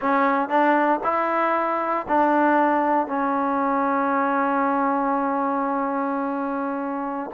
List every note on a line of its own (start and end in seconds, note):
0.01 0.48 C#4
0.48 1.00 D4
1.03 2.06 E4
2.08 3.07 D4
3.07 7.30 C#4